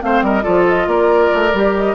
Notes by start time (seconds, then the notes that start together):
0.00 A3 C4 C5 F5
0.22 G3 A#4 D#5
0.43 F3 F4 A4 D5
0.69 D#5
0.87 A#3 A#4 D5
1.34 A3
1.54 G3 G4
1.76 D#5